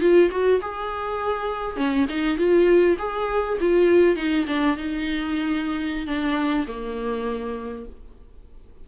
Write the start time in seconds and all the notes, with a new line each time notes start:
0.00 F4
0.31 F#4
0.61 G#4
1.76 C#4
2.09 D#4
2.37 F4
2.98 G#4
3.60 F4
4.16 D#4
4.47 D4
4.77 D#4
6.06 D4
6.67 A#3